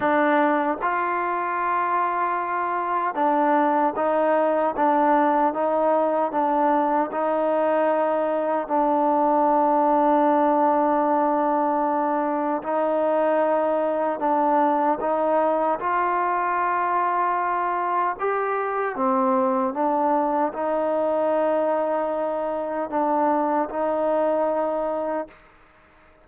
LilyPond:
\new Staff \with { instrumentName = "trombone" } { \time 4/4 \tempo 4 = 76 d'4 f'2. | d'4 dis'4 d'4 dis'4 | d'4 dis'2 d'4~ | d'1 |
dis'2 d'4 dis'4 | f'2. g'4 | c'4 d'4 dis'2~ | dis'4 d'4 dis'2 | }